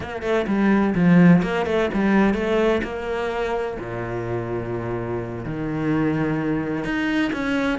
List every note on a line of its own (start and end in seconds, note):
0.00 0.22 A#3
0.22 0.46 A3
0.47 0.94 G3
0.94 1.42 F3
1.42 1.66 A#3
1.66 1.89 A3
1.93 2.34 G3
2.34 2.81 A3
2.83 3.77 A#3
3.79 5.45 A#2
5.45 6.84 D#3
6.84 7.31 D#4
7.32 7.78 C#4